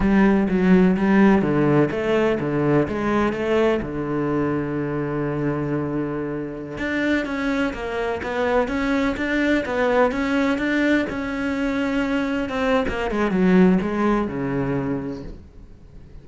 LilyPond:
\new Staff \with { instrumentName = "cello" } { \time 4/4 \tempo 4 = 126 g4 fis4 g4 d4 | a4 d4 gis4 a4 | d1~ | d2~ d16 d'4 cis'8.~ |
cis'16 ais4 b4 cis'4 d'8.~ | d'16 b4 cis'4 d'4 cis'8.~ | cis'2~ cis'16 c'8. ais8 gis8 | fis4 gis4 cis2 | }